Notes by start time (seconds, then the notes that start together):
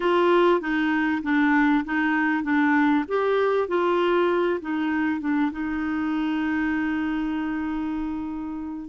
0.00 F4
0.60 D#4
1.22 D4
1.84 D#4
2.43 D4
3.08 G4
3.68 F4
4.60 D#4
5.20 D4
5.51 D#4